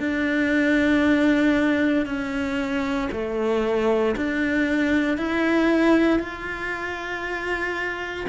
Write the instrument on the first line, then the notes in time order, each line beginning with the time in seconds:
cello
0.00 D4
2.06 C#4
3.12 A3
4.16 D4
5.17 E4
6.20 F4